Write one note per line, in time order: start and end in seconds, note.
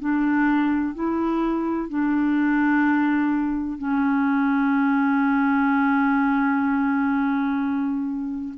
0.00 0.94 D4
0.94 1.90 E4
1.90 3.78 D4
3.78 8.55 C#4